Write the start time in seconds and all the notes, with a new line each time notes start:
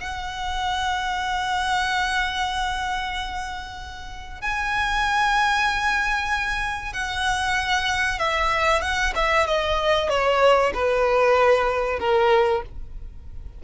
0.00 F#5
4.41 G#5
6.93 F#5
8.19 E5
8.81 F#5
9.15 E5
9.47 D#5
10.09 C#5
10.74 B4
11.99 A#4